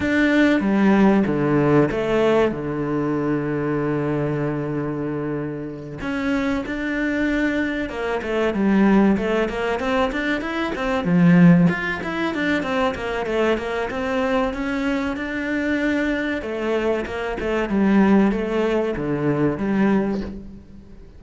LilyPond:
\new Staff \with { instrumentName = "cello" } { \time 4/4 \tempo 4 = 95 d'4 g4 d4 a4 | d1~ | d4. cis'4 d'4.~ | d'8 ais8 a8 g4 a8 ais8 c'8 |
d'8 e'8 c'8 f4 f'8 e'8 d'8 | c'8 ais8 a8 ais8 c'4 cis'4 | d'2 a4 ais8 a8 | g4 a4 d4 g4 | }